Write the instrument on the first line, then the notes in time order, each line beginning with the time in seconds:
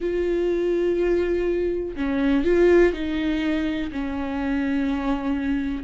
viola
0.00 F4
1.96 C#4
2.44 F4
2.93 D#4
3.91 C#4